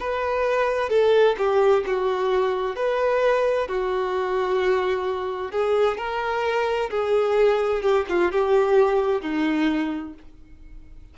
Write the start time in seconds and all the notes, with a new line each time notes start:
0.00 B4
0.90 A4
1.38 G4
1.87 F#4
2.76 B4
3.68 F#4
5.51 G#4
5.97 A#4
6.90 G#4
7.83 G4
8.09 F4
8.32 G4
9.21 D#4